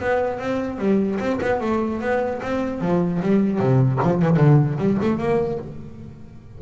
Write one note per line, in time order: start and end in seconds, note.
0.00 0.39 B3
0.39 0.78 C4
0.78 1.18 G3
1.19 1.39 C4
1.41 1.60 B3
1.60 2.00 A3
2.01 2.41 B3
2.42 2.81 C4
2.81 3.21 F3
3.22 3.59 G3
3.59 3.99 C3
4.03 4.22 F3
4.22 4.37 E3
4.37 4.77 D3
4.78 4.98 G3
5.01 5.18 A3
5.18 5.58 A#3